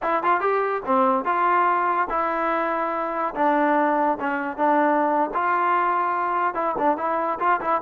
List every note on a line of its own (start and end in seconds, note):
0.02 0.23 E4
0.23 0.40 F4
0.40 0.82 G4
0.85 1.24 C4
1.24 2.08 F4
2.09 3.34 E4
3.34 4.18 D4
4.20 4.57 C#4
4.57 5.30 D4
5.33 6.54 F4
6.54 6.75 E4
6.78 6.97 D4
6.97 7.39 E4
7.39 7.60 F4
7.60 7.81 E4